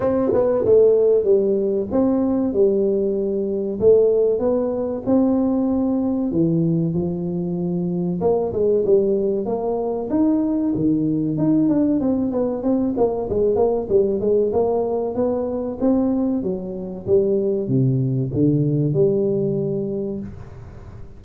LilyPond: \new Staff \with { instrumentName = "tuba" } { \time 4/4 \tempo 4 = 95 c'8 b8 a4 g4 c'4 | g2 a4 b4 | c'2 e4 f4~ | f4 ais8 gis8 g4 ais4 |
dis'4 dis4 dis'8 d'8 c'8 b8 | c'8 ais8 gis8 ais8 g8 gis8 ais4 | b4 c'4 fis4 g4 | c4 d4 g2 | }